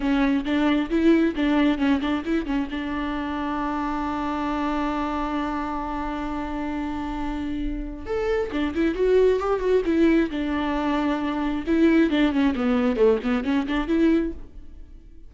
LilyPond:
\new Staff \with { instrumentName = "viola" } { \time 4/4 \tempo 4 = 134 cis'4 d'4 e'4 d'4 | cis'8 d'8 e'8 cis'8 d'2~ | d'1~ | d'1~ |
d'2 a'4 d'8 e'8 | fis'4 g'8 fis'8 e'4 d'4~ | d'2 e'4 d'8 cis'8 | b4 a8 b8 cis'8 d'8 e'4 | }